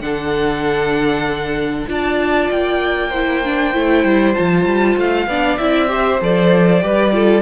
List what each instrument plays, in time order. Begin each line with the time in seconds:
0.00 cello D3, viola D4, violin A4 F#5
1.87 cello D4, viola F4, violin D5 A5
2.51 cello A#3, violin G5
3.09 viola E4, violin C5
3.44 viola D4
3.73 cello A3, viola E4
4.04 cello G3
4.34 cello F3, viola F4, violin A5
4.65 cello G3
4.97 cello A3, violin F5
5.27 cello B3, viola D4, violin D5
5.57 cello C4, viola E4, violin E5
5.88 viola G4, violin C5
6.21 cello F3, viola A4, violin D5
6.80 cello G3, viola G4, violin B4
7.12 viola F4, violin A4